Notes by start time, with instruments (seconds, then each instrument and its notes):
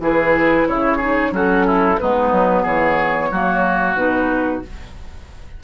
0.00 bassoon E3, clarinet E4, oboe G#4, flute B4
0.68 bassoon C#3, oboe E4, flute C#5
0.97 clarinet D#4, oboe G#4
1.31 bassoon F#3, clarinet C#4, oboe F#4, flute A4
1.67 oboe E4
1.99 bassoon G#3, clarinet B3, oboe D#4, flute B4
2.32 bassoon F#3
2.63 bassoon E3, oboe G#4, flute C#5
3.31 bassoon F#3, clarinet A#3, oboe F#4
3.96 bassoon B2, clarinet D#4, flute B4